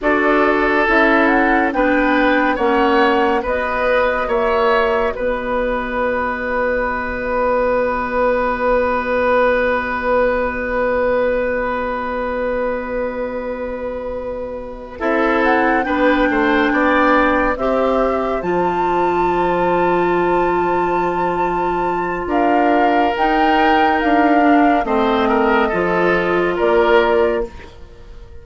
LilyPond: <<
  \new Staff \with { instrumentName = "flute" } { \time 4/4 \tempo 4 = 70 d''4 e''8 fis''8 g''4 fis''4 | dis''4 e''4 dis''2~ | dis''1~ | dis''1~ |
dis''4. e''8 fis''8 g''4.~ | g''8 e''4 a''2~ a''8~ | a''2 f''4 g''4 | f''4 dis''2 d''4 | }
  \new Staff \with { instrumentName = "oboe" } { \time 4/4 a'2 b'4 cis''4 | b'4 cis''4 b'2~ | b'1~ | b'1~ |
b'4. a'4 b'8 c''8 d''8~ | d''8 c''2.~ c''8~ | c''2 ais'2~ | ais'4 c''8 ais'8 a'4 ais'4 | }
  \new Staff \with { instrumentName = "clarinet" } { \time 4/4 fis'4 e'4 d'4 cis'4 | fis'1~ | fis'1~ | fis'1~ |
fis'4. e'4 d'4.~ | d'8 g'4 f'2~ f'8~ | f'2. dis'4~ | dis'8 d'8 c'4 f'2 | }
  \new Staff \with { instrumentName = "bassoon" } { \time 4/4 d'4 cis'4 b4 ais4 | b4 ais4 b2~ | b1~ | b1~ |
b4. c'4 b8 a8 b8~ | b8 c'4 f2~ f8~ | f2 d'4 dis'4 | d'4 a4 f4 ais4 | }
>>